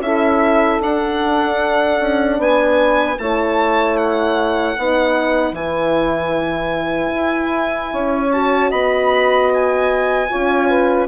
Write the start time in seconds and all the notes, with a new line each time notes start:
0.00 C#4 E4 A4 E5
0.81 D4 F#5
2.00 C#4
2.39 B3 B4 G#5
3.19 A3 E4 C#5 A5
3.97 F#5
4.78 B3 D#4 B4
5.53 E3 E4 G#5
7.15 E4
7.92 C#4 C#5
8.33 F#4 A5
8.70 B3 D#5 B5
9.54 G#5
10.30 C#4 F4 C#5
10.69 B4